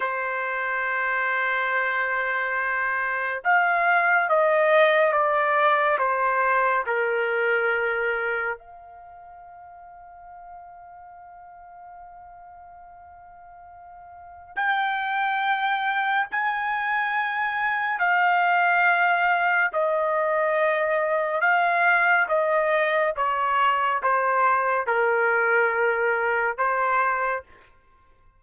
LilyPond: \new Staff \with { instrumentName = "trumpet" } { \time 4/4 \tempo 4 = 70 c''1 | f''4 dis''4 d''4 c''4 | ais'2 f''2~ | f''1~ |
f''4 g''2 gis''4~ | gis''4 f''2 dis''4~ | dis''4 f''4 dis''4 cis''4 | c''4 ais'2 c''4 | }